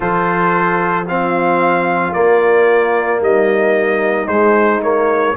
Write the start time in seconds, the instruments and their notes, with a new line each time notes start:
0.00 tuba F3, trombone F4, horn A4, trumpet C5
1.05 trombone C4, horn F4, trumpet F5
2.13 trombone A#3, tuba A#3, trumpet D5
3.21 tuba G3, horn D#4, trumpet D#5
4.27 tuba G#3, trombone G#3, trumpet C5
4.81 trombone A#3, trumpet C#5